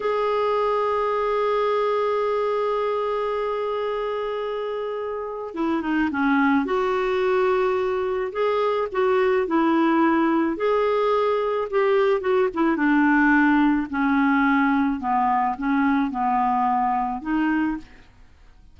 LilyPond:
\new Staff \with { instrumentName = "clarinet" } { \time 4/4 \tempo 4 = 108 gis'1~ | gis'1~ | gis'2 e'8 dis'8 cis'4 | fis'2. gis'4 |
fis'4 e'2 gis'4~ | gis'4 g'4 fis'8 e'8 d'4~ | d'4 cis'2 b4 | cis'4 b2 dis'4 | }